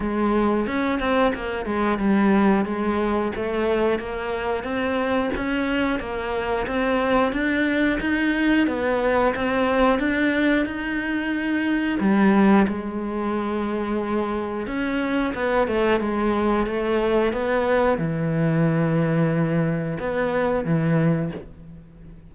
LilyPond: \new Staff \with { instrumentName = "cello" } { \time 4/4 \tempo 4 = 90 gis4 cis'8 c'8 ais8 gis8 g4 | gis4 a4 ais4 c'4 | cis'4 ais4 c'4 d'4 | dis'4 b4 c'4 d'4 |
dis'2 g4 gis4~ | gis2 cis'4 b8 a8 | gis4 a4 b4 e4~ | e2 b4 e4 | }